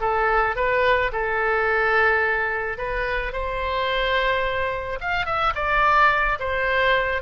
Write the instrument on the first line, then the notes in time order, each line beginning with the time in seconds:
oboe
0.00 A4
0.56 B4
1.12 A4
2.78 B4
3.32 C5
5.01 F5
5.26 E5
5.55 D5
6.39 C5